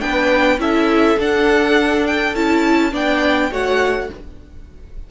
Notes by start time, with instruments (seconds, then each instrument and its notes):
0.00 cello B3, viola D4, violin B4 G5
0.58 cello C#4, viola E4, violin A4 E5
1.18 viola D4, cello D4, violin F#5
2.07 violin G5
2.35 cello C#4, viola E4, violin A5
2.91 cello B3, viola D4, violin D5 G5
3.51 cello A3, viola F#4, violin C#5 F#5